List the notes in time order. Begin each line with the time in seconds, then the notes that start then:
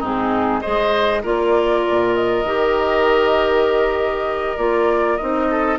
0.00 G#2 C4 D#4 G#4
0.61 G#3 G#4 C5 D#5
1.23 A#3 F4 A#4 D5
1.90 A#2
2.15 D#5
2.44 D#3 G4
4.57 A#3 F4 D5
5.17 C4 D#4 D#5
5.50 A4